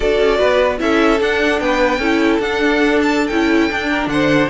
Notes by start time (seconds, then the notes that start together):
0.00 D4 F#4 A4 D5
0.19 C#4
0.38 B3 B4
0.78 C#4 E4 A4 E5
1.19 D4 F#5
1.60 B3 B4 G5
1.98 C#4 E4 A4
2.39 D4 F#5
3.02 A5
3.27 C#4 E4 G5
3.70 D4
3.89 A#4
4.06 D3 C5 F#5